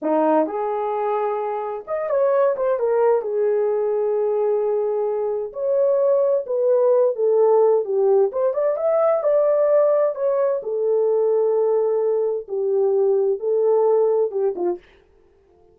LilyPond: \new Staff \with { instrumentName = "horn" } { \time 4/4 \tempo 4 = 130 dis'4 gis'2. | dis''8 cis''4 c''8 ais'4 gis'4~ | gis'1 | cis''2 b'4. a'8~ |
a'4 g'4 c''8 d''8 e''4 | d''2 cis''4 a'4~ | a'2. g'4~ | g'4 a'2 g'8 f'8 | }